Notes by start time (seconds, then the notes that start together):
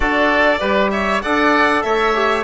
0.00 D4 F#4 A4 D5
0.59 G3 G4 B4
0.90 C#5 E5
1.21 D4 A4 D5 F#5
1.82 A3 C#5 E5
2.14 G4